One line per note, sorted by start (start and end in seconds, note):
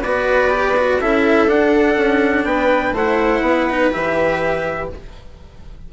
0.00 1.01 B3
0.00 0.51 F#4
0.00 0.98 B4
0.00 1.00 D5
0.51 0.75 G4
0.77 1.01 F#4
1.00 1.47 C#4
1.00 1.48 E4
1.00 2.47 A4
1.00 1.49 E5
1.47 1.96 D4
1.47 2.94 D4
1.47 2.45 F#5
1.96 2.45 C#4
2.45 2.92 B3
2.45 2.94 B4
2.45 2.94 G5
2.92 3.40 A3
2.92 3.42 C5
2.92 3.93 F#5
2.98 3.70 E4
3.41 3.90 B3
3.41 4.89 B4
3.70 3.91 D#4
3.91 4.92 E3
3.91 4.88 G4
3.91 4.90 E5